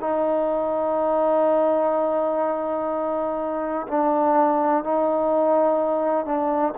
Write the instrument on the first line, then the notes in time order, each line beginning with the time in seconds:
trombone
0.00 D#4
3.88 D4
4.84 D#4
6.26 D4